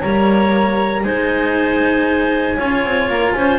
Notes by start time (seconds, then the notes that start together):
0.00 G3 A#3 C#5 A#5
1.03 G#3 D#4 C5 G#5
2.56 C#4 F4 C#5
2.84 C4
3.09 A#3 A#5
3.33 C#4 C5 G#5